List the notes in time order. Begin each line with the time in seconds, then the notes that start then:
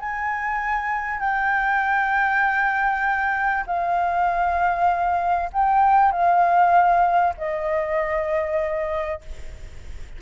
0.00 G#5
1.20 G5
3.67 F5
5.53 G5
6.12 F5
7.38 D#5